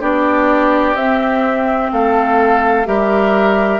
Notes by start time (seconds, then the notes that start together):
0.00 B3 D4 G4 D5
0.94 C4 E5
1.92 A3 A4 F5
2.85 G3 G4 A#4 E5